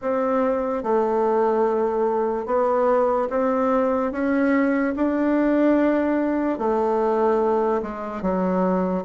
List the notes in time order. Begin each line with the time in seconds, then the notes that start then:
0.01 C4
0.83 A3
2.46 B3
3.30 C4
4.11 C#4
4.96 D4
6.58 A3
7.82 G#3
8.22 F#3